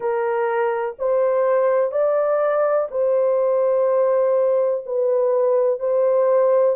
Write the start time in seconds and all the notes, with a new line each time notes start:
0.00 A#4
0.99 C5
1.91 D5
2.90 C5
4.86 B4
5.79 C5